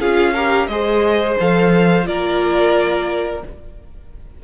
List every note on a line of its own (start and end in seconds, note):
0.00 0.68 C#4
0.00 0.35 F4
0.00 0.34 G#4
0.00 0.67 F5
0.34 0.70 G4
0.34 0.68 A#4
0.67 1.36 G#3
0.67 1.39 G#4
0.67 2.08 C5
0.67 1.35 D#5
1.39 2.07 F3
1.39 2.04 A4
1.39 2.07 F5
2.04 3.43 A#3
2.04 3.40 F4
2.04 3.44 A#4
2.04 3.43 D5